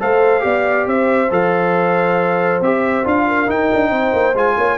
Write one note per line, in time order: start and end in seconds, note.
0.00 0.44 A3
0.00 0.40 A4
0.00 0.44 C5
0.00 0.88 F5
0.40 0.87 B3
0.40 1.27 G4
0.40 0.88 D5
0.87 1.30 C4
0.87 3.27 C5
0.87 1.32 E5
1.31 2.61 F3
1.31 2.61 A4
1.31 2.63 F5
2.61 3.04 C4
2.61 3.04 G4
2.61 3.06 E5
3.04 3.49 D4
3.04 3.47 F4
3.04 3.50 F5
3.28 3.89 A#4
3.47 4.34 D#4
3.47 3.71 D#4
3.47 4.37 G5
3.73 3.90 D4
3.89 4.12 C4
3.89 4.54 C5
4.13 4.34 A#3
4.34 4.56 G#3
4.34 4.78 F4
4.34 4.78 G#5
4.57 4.78 A#3
4.57 4.78 C#5